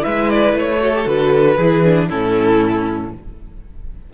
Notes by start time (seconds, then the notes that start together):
0.00 G#3 E4 B4 E5
0.30 D5
0.53 A3 C#5
0.79 F#4 A4
0.95 G4
1.05 D3 F#4 B4
1.57 E3 E4 G#4
1.84 D4
2.09 A2 C#4 E4 A4